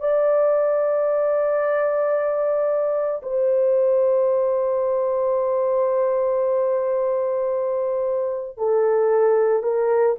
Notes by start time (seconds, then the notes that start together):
0.00 D5
3.22 C5
8.58 A4
9.62 A#4